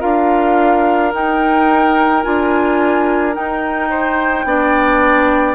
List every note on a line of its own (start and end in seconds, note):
0.00 1.14 D4
0.00 1.11 F4
0.00 3.89 A#4
0.00 1.12 F5
1.13 2.23 D#4
1.13 2.25 D#4
1.13 2.23 G5
2.23 3.37 D4
2.23 3.33 F4
2.23 3.34 G#5
3.33 4.44 D#4
3.33 4.45 D#4
3.33 5.55 G5
3.90 4.45 C5
4.45 5.55 B3
4.45 5.55 D4
4.45 5.55 D5